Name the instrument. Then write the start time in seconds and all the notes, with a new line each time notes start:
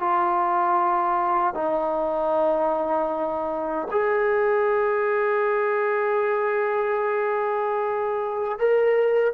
trombone
0.00 F4
1.54 D#4
3.91 G#4
8.59 A#4